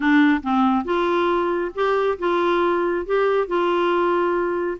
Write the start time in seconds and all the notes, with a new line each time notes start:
0.00 D4
0.42 C4
0.84 F4
1.75 G4
2.19 F4
3.06 G4
3.47 F4